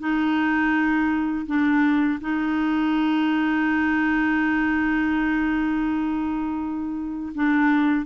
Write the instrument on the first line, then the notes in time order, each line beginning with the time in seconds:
clarinet
0.00 D#4
1.47 D4
2.21 D#4
7.35 D4